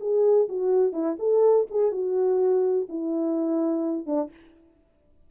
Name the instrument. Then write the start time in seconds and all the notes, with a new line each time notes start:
horn
0.00 G#4
0.49 F#4
0.93 E4
1.19 A4
1.71 G#4
1.91 F#4
2.89 E4
4.06 D4